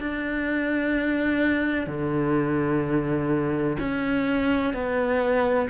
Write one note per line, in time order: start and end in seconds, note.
0.00 1.87 D4
1.87 3.77 D3
3.79 4.74 C#4
4.74 5.69 B3